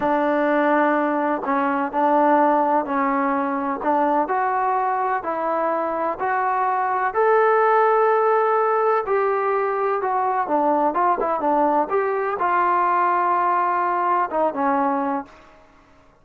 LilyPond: \new Staff \with { instrumentName = "trombone" } { \time 4/4 \tempo 4 = 126 d'2. cis'4 | d'2 cis'2 | d'4 fis'2 e'4~ | e'4 fis'2 a'4~ |
a'2. g'4~ | g'4 fis'4 d'4 f'8 e'8 | d'4 g'4 f'2~ | f'2 dis'8 cis'4. | }